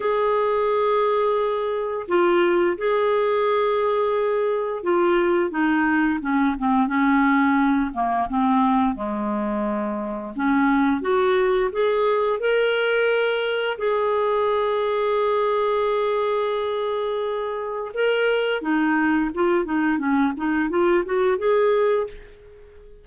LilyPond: \new Staff \with { instrumentName = "clarinet" } { \time 4/4 \tempo 4 = 87 gis'2. f'4 | gis'2. f'4 | dis'4 cis'8 c'8 cis'4. ais8 | c'4 gis2 cis'4 |
fis'4 gis'4 ais'2 | gis'1~ | gis'2 ais'4 dis'4 | f'8 dis'8 cis'8 dis'8 f'8 fis'8 gis'4 | }